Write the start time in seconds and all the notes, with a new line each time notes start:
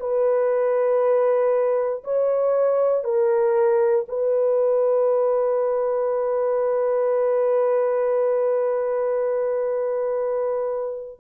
0.00 B4
2.04 C#5
3.04 A#4
4.09 B4